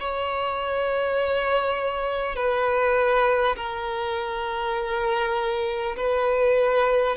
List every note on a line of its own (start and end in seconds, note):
0.00 2.36 C#5
2.36 3.56 B4
3.57 5.97 A#4
5.97 7.17 B4